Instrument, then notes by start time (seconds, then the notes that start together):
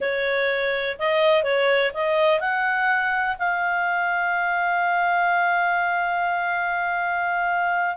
clarinet
0.00 C#5
0.98 D#5
1.43 C#5
1.93 D#5
2.40 F#5
3.38 F5